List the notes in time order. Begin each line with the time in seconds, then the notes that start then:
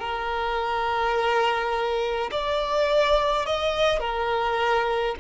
0.00 A#4
2.32 D5
3.47 D#5
4.00 A#4